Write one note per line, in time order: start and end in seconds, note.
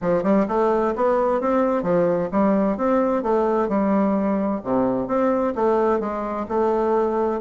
0.01 0.23 F3
0.23 0.46 G3
0.48 0.94 A3
0.95 1.41 B3
1.41 1.83 C4
1.83 2.29 F3
2.31 2.77 G3
2.77 3.22 C4
3.22 3.68 A3
3.68 4.60 G3
4.63 5.07 C3
5.07 5.53 C4
5.55 6.00 A3
6.00 6.46 G#3
6.48 7.40 A3